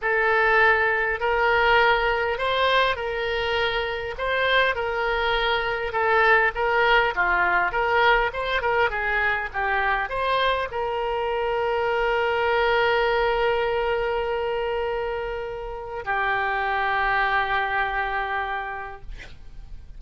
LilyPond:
\new Staff \with { instrumentName = "oboe" } { \time 4/4 \tempo 4 = 101 a'2 ais'2 | c''4 ais'2 c''4 | ais'2 a'4 ais'4 | f'4 ais'4 c''8 ais'8 gis'4 |
g'4 c''4 ais'2~ | ais'1~ | ais'2. g'4~ | g'1 | }